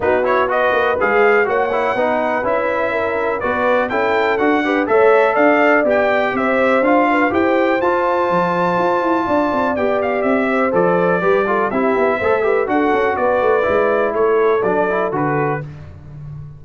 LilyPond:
<<
  \new Staff \with { instrumentName = "trumpet" } { \time 4/4 \tempo 4 = 123 b'8 cis''8 dis''4 f''4 fis''4~ | fis''4 e''2 d''4 | g''4 fis''4 e''4 f''4 | g''4 e''4 f''4 g''4 |
a''1 | g''8 f''8 e''4 d''2 | e''2 fis''4 d''4~ | d''4 cis''4 d''4 b'4 | }
  \new Staff \with { instrumentName = "horn" } { \time 4/4 fis'4 b'2 cis''4 | b'2 ais'4 b'4 | a'4. b'8 cis''4 d''4~ | d''4 c''4. b'8 c''4~ |
c''2. d''4~ | d''4. c''4. b'8 a'8 | g'4 c''8 b'8 a'4 b'4~ | b'4 a'2. | }
  \new Staff \with { instrumentName = "trombone" } { \time 4/4 dis'8 e'8 fis'4 gis'4 fis'8 e'8 | dis'4 e'2 fis'4 | e'4 fis'8 g'8 a'2 | g'2 f'4 g'4 |
f'1 | g'2 a'4 g'8 f'8 | e'4 a'8 g'8 fis'2 | e'2 d'8 e'8 fis'4 | }
  \new Staff \with { instrumentName = "tuba" } { \time 4/4 b4. ais8 gis4 ais4 | b4 cis'2 b4 | cis'4 d'4 a4 d'4 | b4 c'4 d'4 e'4 |
f'4 f4 f'8 e'8 d'8 c'8 | b4 c'4 f4 g4 | c'8 b8 a4 d'8 cis'8 b8 a8 | gis4 a4 fis4 d4 | }
>>